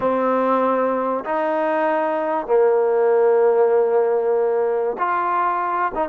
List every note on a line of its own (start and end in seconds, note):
0.00 1.24 C4
1.24 2.46 D#4
2.46 4.96 A#3
4.98 5.92 F4
5.94 6.08 D#4